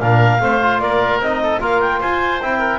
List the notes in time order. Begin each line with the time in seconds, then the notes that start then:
0.00 A#2 D4 A#4 F5
0.40 A3 C4 C5
0.62 F4
0.79 A#3 A#4 D5
1.18 C4 D#4 D#5
1.43 A4
1.60 A#3 F4 A#4 F5
1.80 G5
2.00 F4 C5 G#5
2.41 C4 E4 G5
2.58 A#4